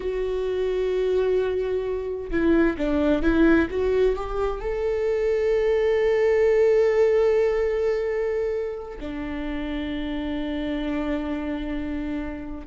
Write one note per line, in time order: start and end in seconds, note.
0.00 2.30 F#4
2.30 2.77 E4
2.77 3.22 D4
3.22 3.68 E4
3.70 4.16 F#4
4.16 4.60 G4
4.60 8.98 A4
9.00 12.67 D4